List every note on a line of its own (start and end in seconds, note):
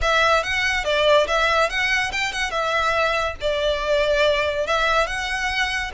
0.01 0.43 E5
0.43 0.84 F#5
0.84 1.26 D5
1.27 1.69 E5
1.69 2.11 F#5
2.11 2.32 G5
2.32 2.50 F#5
2.50 3.35 E5
3.41 4.66 D5
4.66 5.06 E5
5.06 5.91 F#5